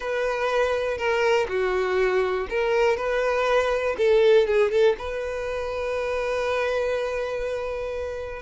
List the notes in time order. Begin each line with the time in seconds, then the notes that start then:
0.00 B4
0.97 A#4
1.48 F#4
2.49 A#4
2.97 B4
3.97 A4
4.47 G#4
4.71 A4
4.98 B4